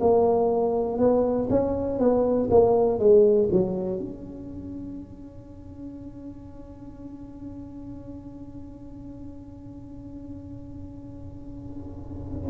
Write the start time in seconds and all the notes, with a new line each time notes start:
0.00 A#3
0.99 B3
1.50 C#4
1.99 B3
2.50 A#3
3.00 G#3
3.51 F#3
4.00 C#4